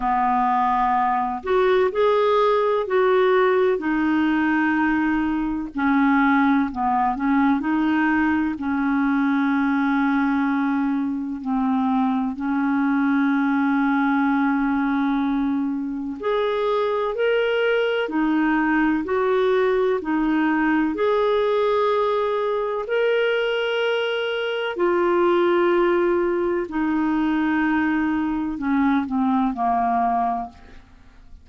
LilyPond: \new Staff \with { instrumentName = "clarinet" } { \time 4/4 \tempo 4 = 63 b4. fis'8 gis'4 fis'4 | dis'2 cis'4 b8 cis'8 | dis'4 cis'2. | c'4 cis'2.~ |
cis'4 gis'4 ais'4 dis'4 | fis'4 dis'4 gis'2 | ais'2 f'2 | dis'2 cis'8 c'8 ais4 | }